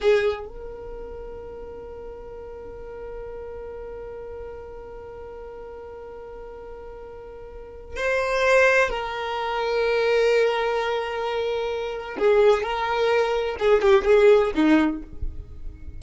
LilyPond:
\new Staff \with { instrumentName = "violin" } { \time 4/4 \tempo 4 = 128 gis'4 ais'2.~ | ais'1~ | ais'1~ | ais'1~ |
ais'4 c''2 ais'4~ | ais'1~ | ais'2 gis'4 ais'4~ | ais'4 gis'8 g'8 gis'4 dis'4 | }